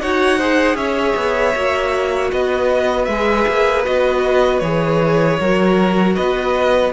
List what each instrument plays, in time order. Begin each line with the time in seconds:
0.00 cello D#4, viola F#4, violin C#5 F#5
0.38 viola G#4, violin C5
0.75 cello C#4, violin C#5 E5
1.16 cello B3
1.55 cello A#3, viola F#4
2.32 cello B3, violin B4 D#5
3.05 cello G#3, violin E5
3.12 viola G#4
3.48 cello A#3
3.85 cello B3, viola F#4, violin D#5
4.60 cello E3, viola G#4, violin C#5
5.40 cello F#3, viola F#4, violin A#4
6.16 cello B3, violin B4 D#5